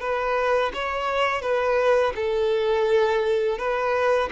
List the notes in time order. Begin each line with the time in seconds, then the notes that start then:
0.00 B4
0.74 C#5
1.42 B4
2.16 A4
3.58 B4